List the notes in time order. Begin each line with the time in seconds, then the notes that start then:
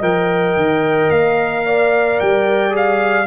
0.00 F3 A#4 D#5 G5
0.57 D#3
1.10 A#3 F5
1.66 D5
2.20 G3 G5
2.70 G#4
2.77 F5